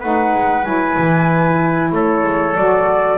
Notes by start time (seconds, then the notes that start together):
0.00 A3 D#4 B4 F#5
0.34 G#3
0.64 F#3 E4 G#5
0.98 E3
1.92 A3 A4 C#5
2.23 G#3
2.55 F#3 F#4 D5